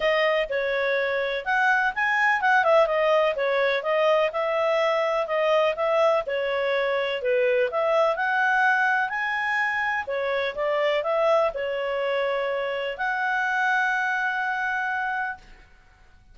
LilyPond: \new Staff \with { instrumentName = "clarinet" } { \time 4/4 \tempo 4 = 125 dis''4 cis''2 fis''4 | gis''4 fis''8 e''8 dis''4 cis''4 | dis''4 e''2 dis''4 | e''4 cis''2 b'4 |
e''4 fis''2 gis''4~ | gis''4 cis''4 d''4 e''4 | cis''2. fis''4~ | fis''1 | }